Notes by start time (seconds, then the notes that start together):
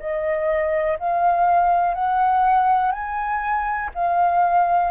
0.00 D#5
0.99 F5
1.95 F#5
2.92 G#5
3.95 F5